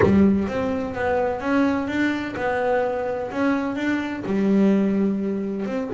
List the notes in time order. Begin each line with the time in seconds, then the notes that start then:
0.02 G3
0.47 C4
0.94 B3
1.40 C#4
1.87 D4
2.36 B3
3.31 C#4
3.75 D4
4.25 G3
5.66 C4